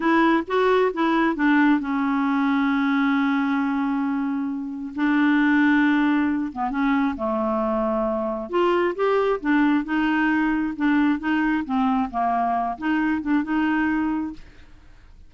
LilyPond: \new Staff \with { instrumentName = "clarinet" } { \time 4/4 \tempo 4 = 134 e'4 fis'4 e'4 d'4 | cis'1~ | cis'2. d'4~ | d'2~ d'8 b8 cis'4 |
a2. f'4 | g'4 d'4 dis'2 | d'4 dis'4 c'4 ais4~ | ais8 dis'4 d'8 dis'2 | }